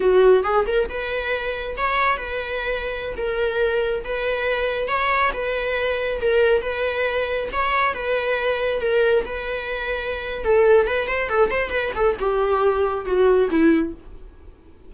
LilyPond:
\new Staff \with { instrumentName = "viola" } { \time 4/4 \tempo 4 = 138 fis'4 gis'8 ais'8 b'2 | cis''4 b'2~ b'16 ais'8.~ | ais'4~ ais'16 b'2 cis''8.~ | cis''16 b'2 ais'4 b'8.~ |
b'4~ b'16 cis''4 b'4.~ b'16~ | b'16 ais'4 b'2~ b'8. | a'4 b'8 c''8 a'8 c''8 b'8 a'8 | g'2 fis'4 e'4 | }